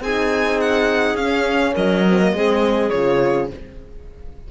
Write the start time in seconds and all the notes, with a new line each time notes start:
0.00 C4 D#4 G#4 G#5
0.61 F#5
1.15 C#4 F5
1.73 F#3 A#4 D#5
2.08 C4
2.21 A#3
2.33 G#3 C4 G#4
2.90 C#3 F4 C#5